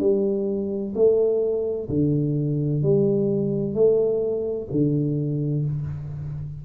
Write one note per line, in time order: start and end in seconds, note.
0.00 0.94 G3
0.95 1.89 A3
1.90 2.83 D3
2.83 3.75 G3
3.75 4.68 A3
4.72 5.65 D3